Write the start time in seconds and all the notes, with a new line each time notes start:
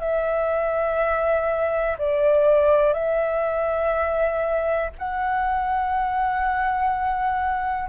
0.00 E5
1.99 D5
2.94 E5
4.99 F#5